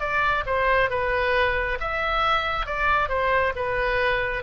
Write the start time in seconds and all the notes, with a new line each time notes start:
0.00 D5
0.47 C5
0.90 B4
1.80 E5
2.66 D5
3.09 C5
3.56 B4